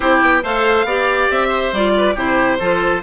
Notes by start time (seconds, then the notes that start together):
0.00 C4 E4 G4 C5
0.21 B3 G5
0.42 A3 A4 C5 F5
0.84 B3 G4 D5
1.30 C4 E5
1.48 C5
1.72 G3 F4 D5
1.97 B4
2.14 C3 E4 G4 C5
2.59 F3 F4 A4